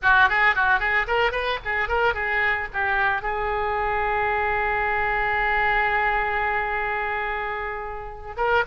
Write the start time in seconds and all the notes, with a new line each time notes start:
0.02 F#4
0.29 G#4
0.55 F#4
0.79 G#4
1.07 A#4
1.31 B4
1.64 G#4
1.88 A#4
2.14 G#4
2.73 G4
3.22 G#4
8.36 A#4